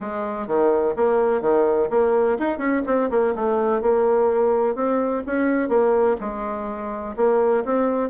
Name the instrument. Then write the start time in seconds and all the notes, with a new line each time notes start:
bassoon
0.01 G#3
0.47 D#3
0.96 A#3
1.41 D#3
1.90 A#3
2.39 D#4
2.57 C#4
2.86 C4
3.10 A#3
3.35 A3
3.81 A#3
4.75 C4
5.26 C#4
5.69 A#3
6.20 G#3
7.16 A#3
7.65 C4